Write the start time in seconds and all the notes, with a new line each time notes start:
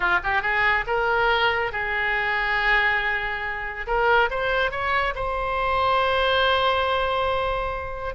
0.00 F4
0.23 G4
0.41 G#4
0.86 A#4
1.72 G#4
3.86 A#4
4.30 C5
4.71 C#5
5.15 C5